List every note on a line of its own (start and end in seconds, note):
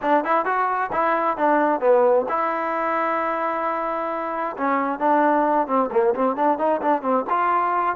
0.02 0.24 D4
0.24 0.45 E4
0.45 0.90 F#4
0.92 1.37 E4
1.37 1.80 D4
1.80 2.25 B3
2.29 4.56 E4
4.57 4.99 C#4
4.99 5.67 D4
5.67 5.89 C4
5.91 6.14 A#3
6.14 6.35 C4
6.35 6.58 D4
6.58 6.81 D#4
6.81 7.02 D4
7.02 7.25 C4
7.29 7.95 F4